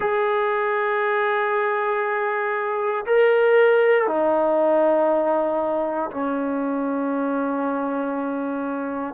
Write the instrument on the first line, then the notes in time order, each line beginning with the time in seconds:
trombone
0.00 G#4
3.06 A#4
4.07 D#4
6.10 C#4